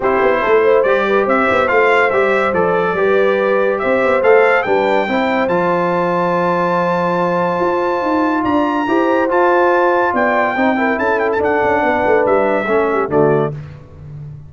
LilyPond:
<<
  \new Staff \with { instrumentName = "trumpet" } { \time 4/4 \tempo 4 = 142 c''2 d''4 e''4 | f''4 e''4 d''2~ | d''4 e''4 f''4 g''4~ | g''4 a''2.~ |
a''1 | ais''2 a''2 | g''2 a''8 g''16 a''16 fis''4~ | fis''4 e''2 d''4 | }
  \new Staff \with { instrumentName = "horn" } { \time 4/4 g'4 a'8 c''4 b'8 c''4~ | c''2. b'4~ | b'4 c''2 b'4 | c''1~ |
c''1 | d''4 c''2. | d''4 c''8 ais'8 a'2 | b'2 a'8 g'8 fis'4 | }
  \new Staff \with { instrumentName = "trombone" } { \time 4/4 e'2 g'2 | f'4 g'4 a'4 g'4~ | g'2 a'4 d'4 | e'4 f'2.~ |
f'1~ | f'4 g'4 f'2~ | f'4 dis'8 e'4. d'4~ | d'2 cis'4 a4 | }
  \new Staff \with { instrumentName = "tuba" } { \time 4/4 c'8 b8 a4 g4 c'8 b8 | a4 g4 f4 g4~ | g4 c'8 b8 a4 g4 | c'4 f2.~ |
f2 f'4 dis'4 | d'4 e'4 f'2 | b4 c'4 cis'4 d'8 cis'8 | b8 a8 g4 a4 d4 | }
>>